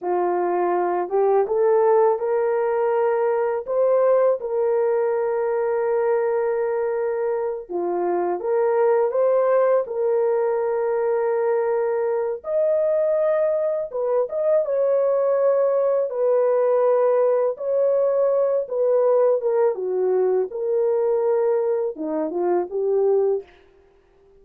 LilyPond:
\new Staff \with { instrumentName = "horn" } { \time 4/4 \tempo 4 = 82 f'4. g'8 a'4 ais'4~ | ais'4 c''4 ais'2~ | ais'2~ ais'8 f'4 ais'8~ | ais'8 c''4 ais'2~ ais'8~ |
ais'4 dis''2 b'8 dis''8 | cis''2 b'2 | cis''4. b'4 ais'8 fis'4 | ais'2 dis'8 f'8 g'4 | }